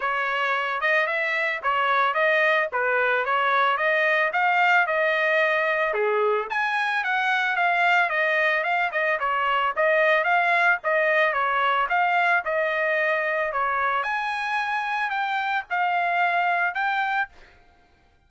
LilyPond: \new Staff \with { instrumentName = "trumpet" } { \time 4/4 \tempo 4 = 111 cis''4. dis''8 e''4 cis''4 | dis''4 b'4 cis''4 dis''4 | f''4 dis''2 gis'4 | gis''4 fis''4 f''4 dis''4 |
f''8 dis''8 cis''4 dis''4 f''4 | dis''4 cis''4 f''4 dis''4~ | dis''4 cis''4 gis''2 | g''4 f''2 g''4 | }